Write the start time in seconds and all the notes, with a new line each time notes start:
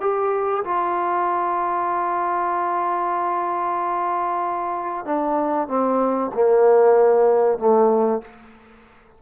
0.00 G4
0.64 F4
5.05 D4
5.68 C4
6.33 A#3
7.58 A3